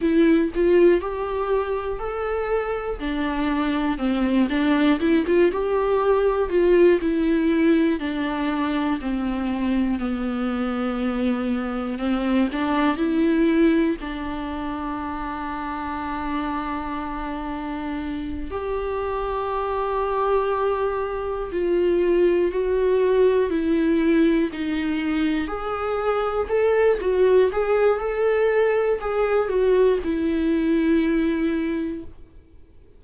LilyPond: \new Staff \with { instrumentName = "viola" } { \time 4/4 \tempo 4 = 60 e'8 f'8 g'4 a'4 d'4 | c'8 d'8 e'16 f'16 g'4 f'8 e'4 | d'4 c'4 b2 | c'8 d'8 e'4 d'2~ |
d'2~ d'8 g'4.~ | g'4. f'4 fis'4 e'8~ | e'8 dis'4 gis'4 a'8 fis'8 gis'8 | a'4 gis'8 fis'8 e'2 | }